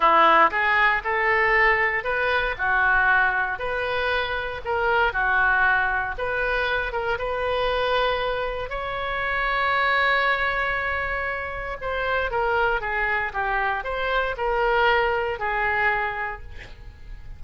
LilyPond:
\new Staff \with { instrumentName = "oboe" } { \time 4/4 \tempo 4 = 117 e'4 gis'4 a'2 | b'4 fis'2 b'4~ | b'4 ais'4 fis'2 | b'4. ais'8 b'2~ |
b'4 cis''2.~ | cis''2. c''4 | ais'4 gis'4 g'4 c''4 | ais'2 gis'2 | }